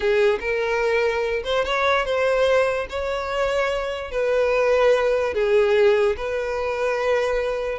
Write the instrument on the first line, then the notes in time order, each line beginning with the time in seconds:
violin
0.00 G#4
0.40 A#4
1.44 C5
1.64 C#5
2.05 C5
2.89 C#5
4.11 B4
5.33 G#4
6.16 B4